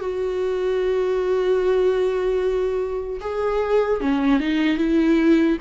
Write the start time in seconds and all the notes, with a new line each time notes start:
0.00 F#4
3.20 G#4
4.00 C#4
4.39 D#4
4.77 E4